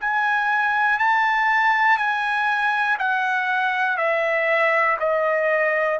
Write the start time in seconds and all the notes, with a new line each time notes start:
0.00 G#5
0.98 A5
1.97 G#5
2.99 F#5
3.97 E5
4.99 D#5